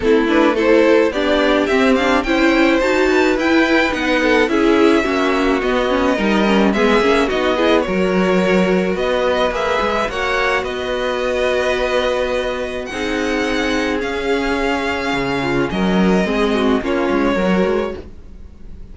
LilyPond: <<
  \new Staff \with { instrumentName = "violin" } { \time 4/4 \tempo 4 = 107 a'8 b'8 c''4 d''4 e''8 f''8 | g''4 a''4 g''4 fis''4 | e''2 dis''2 | e''4 dis''4 cis''2 |
dis''4 e''4 fis''4 dis''4~ | dis''2. fis''4~ | fis''4 f''2. | dis''2 cis''2 | }
  \new Staff \with { instrumentName = "violin" } { \time 4/4 e'4 a'4 g'2 | c''4. b'2 a'8 | gis'4 fis'2 ais'4 | gis'4 fis'8 gis'8 ais'2 |
b'2 cis''4 b'4~ | b'2. gis'4~ | gis'2.~ gis'8 f'8 | ais'4 gis'8 fis'8 f'4 ais'4 | }
  \new Staff \with { instrumentName = "viola" } { \time 4/4 c'8 d'8 e'4 d'4 c'8 d'8 | e'4 fis'4 e'4 dis'4 | e'4 cis'4 b8 cis'8 dis'8 cis'8 | b8 cis'8 dis'8 e'8 fis'2~ |
fis'4 gis'4 fis'2~ | fis'2. dis'4~ | dis'4 cis'2.~ | cis'4 c'4 cis'4 fis'4 | }
  \new Staff \with { instrumentName = "cello" } { \time 4/4 a2 b4 c'4 | cis'4 dis'4 e'4 b4 | cis'4 ais4 b4 g4 | gis8 ais8 b4 fis2 |
b4 ais8 gis8 ais4 b4~ | b2. c'4~ | c'4 cis'2 cis4 | fis4 gis4 ais8 gis8 fis8 gis8 | }
>>